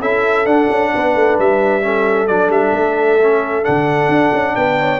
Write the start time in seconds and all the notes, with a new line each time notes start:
0.00 C#4 E4 A4 E5
0.46 D4 F#5
0.70 C#4
0.96 B3 B4
1.15 A3
1.39 G3 E5
1.82 C#4 A4
2.28 F#3 D4 D5
2.49 G3 E5
2.73 A3
3.22 C#4
3.64 D3 D4 F#5
4.09 D4
4.34 C#4
4.56 B3 B4 G5
4.80 C#5